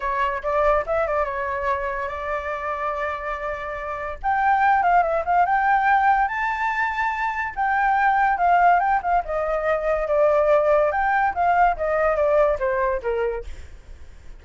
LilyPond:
\new Staff \with { instrumentName = "flute" } { \time 4/4 \tempo 4 = 143 cis''4 d''4 e''8 d''8 cis''4~ | cis''4 d''2.~ | d''2 g''4. f''8 | e''8 f''8 g''2 a''4~ |
a''2 g''2 | f''4 g''8 f''8 dis''2 | d''2 g''4 f''4 | dis''4 d''4 c''4 ais'4 | }